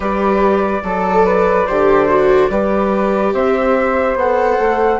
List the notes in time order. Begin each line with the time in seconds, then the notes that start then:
0.00 G3 G4 B4 D5
0.83 F#3 A4
1.25 B4
1.66 D3 G4 C5
2.08 F#4
2.49 G3 G4 B4
3.33 C4 C5 E5
4.15 B3 A4 F#5
4.59 A3